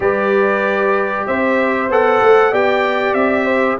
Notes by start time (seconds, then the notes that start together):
0.00 G3 G4 B4 D5
1.26 C4 C5 E5
1.89 B3 A4 F#5
2.21 A3
2.51 B3 G4 D5 G5
3.13 C4 E5
3.45 C5